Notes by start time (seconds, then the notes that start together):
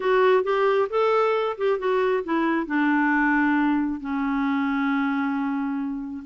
0.00 F#4
0.43 G4
0.89 A4
1.57 G4
1.78 F#4
2.24 E4
2.66 D4
4.00 C#4